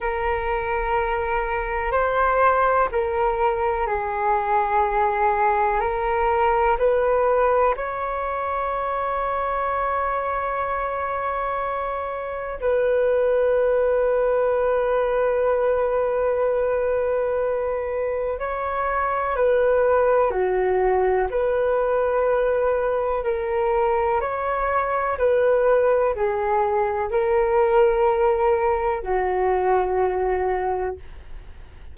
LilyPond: \new Staff \with { instrumentName = "flute" } { \time 4/4 \tempo 4 = 62 ais'2 c''4 ais'4 | gis'2 ais'4 b'4 | cis''1~ | cis''4 b'2.~ |
b'2. cis''4 | b'4 fis'4 b'2 | ais'4 cis''4 b'4 gis'4 | ais'2 fis'2 | }